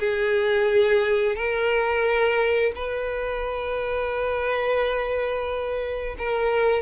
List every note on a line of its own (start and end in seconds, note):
0.00 1.36 G#4
1.36 2.72 A#4
2.76 6.16 B4
6.19 6.83 A#4